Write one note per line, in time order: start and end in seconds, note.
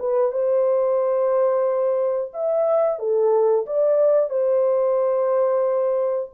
0.00 0.32 B4
0.32 2.32 C5
2.34 2.99 E5
2.99 3.66 A4
3.67 4.30 D5
4.30 6.30 C5